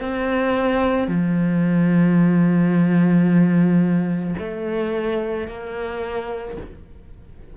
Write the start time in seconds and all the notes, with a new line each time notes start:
0.00 C4
1.07 F3
4.38 A3
5.47 A#3